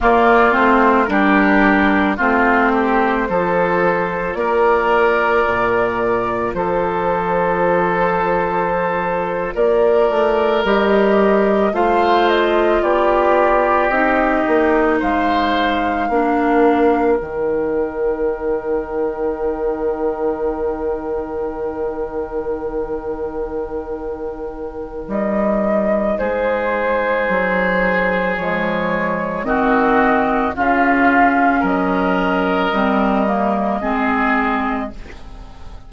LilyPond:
<<
  \new Staff \with { instrumentName = "flute" } { \time 4/4 \tempo 4 = 55 d''8 c''8 ais'4 c''2 | d''2 c''2~ | c''8. d''4 dis''4 f''8 dis''8 d''16~ | d''8. dis''4 f''2 g''16~ |
g''1~ | g''2. dis''4 | c''2 cis''4 dis''4 | f''4 dis''2. | }
  \new Staff \with { instrumentName = "oboe" } { \time 4/4 f'4 g'4 f'8 g'8 a'4 | ais'2 a'2~ | a'8. ais'2 c''4 g'16~ | g'4.~ g'16 c''4 ais'4~ ais'16~ |
ais'1~ | ais'1 | gis'2. fis'4 | f'4 ais'2 gis'4 | }
  \new Staff \with { instrumentName = "clarinet" } { \time 4/4 ais8 c'8 d'4 c'4 f'4~ | f'1~ | f'4.~ f'16 g'4 f'4~ f'16~ | f'8. dis'2 d'4 dis'16~ |
dis'1~ | dis'1~ | dis'2 gis4 c'4 | cis'2 c'8 ais8 c'4 | }
  \new Staff \with { instrumentName = "bassoon" } { \time 4/4 ais8 a8 g4 a4 f4 | ais4 ais,4 f2~ | f8. ais8 a8 g4 a4 b16~ | b8. c'8 ais8 gis4 ais4 dis16~ |
dis1~ | dis2. g4 | gis4 fis4 f4 dis4 | cis4 fis4 g4 gis4 | }
>>